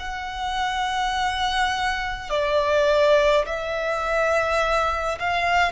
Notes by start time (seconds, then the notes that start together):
0.00 F#5
2.30 D5
3.46 E5
5.20 F5